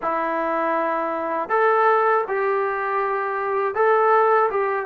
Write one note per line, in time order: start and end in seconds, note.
0.02 1.49 E4
1.49 2.24 A4
2.27 3.74 G4
3.74 4.49 A4
4.50 4.86 G4